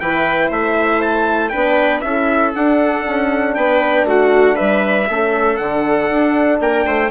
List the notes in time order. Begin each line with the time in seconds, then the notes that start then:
0.00 E3 E4 B4 G5
0.49 A3 C5 E5
1.02 A5
1.49 D4 B4 G5
1.56 B3
2.01 C#4 E4 A4 E5
2.55 D4 F#5
3.07 C#4
3.55 B3 B4 G5
4.04 A3 F#4 F#5
4.55 G3 B4 E5
5.09 A3 C#4 A4
5.57 D3 D4 F#5
6.11 D4
6.60 A#3 A#4 G5
6.86 A3 C5